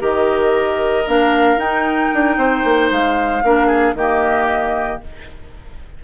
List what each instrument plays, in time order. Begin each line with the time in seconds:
0.00 bassoon D#3, clarinet G4, oboe A#4, flute D#5
1.07 bassoon A#3, clarinet D4, flute F5
1.57 bassoon D#4, clarinet D#4, flute G5
2.14 bassoon D4
2.37 bassoon C4, oboe C5
2.65 bassoon A#3
2.91 bassoon G#3, flute F5
3.44 bassoon A#3, clarinet D4, oboe A#4
3.67 oboe G#4
3.95 bassoon D#3, clarinet A#3, oboe G4, flute D#5